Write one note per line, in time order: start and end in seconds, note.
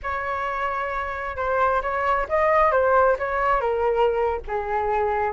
0.02 1.36 C#5
1.36 1.81 C5
1.82 2.27 C#5
2.29 2.71 D#5
2.71 3.17 C5
3.19 3.60 C#5
3.60 4.40 A#4
4.47 5.33 G#4